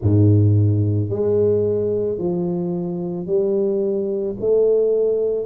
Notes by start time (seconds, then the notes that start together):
0.01 G#2
1.09 G#3
2.18 F3
3.26 G3
4.39 A3